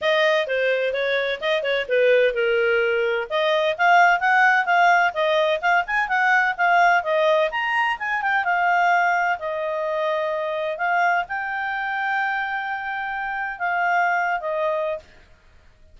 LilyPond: \new Staff \with { instrumentName = "clarinet" } { \time 4/4 \tempo 4 = 128 dis''4 c''4 cis''4 dis''8 cis''8 | b'4 ais'2 dis''4 | f''4 fis''4 f''4 dis''4 | f''8 gis''8 fis''4 f''4 dis''4 |
ais''4 gis''8 g''8 f''2 | dis''2. f''4 | g''1~ | g''4 f''4.~ f''16 dis''4~ dis''16 | }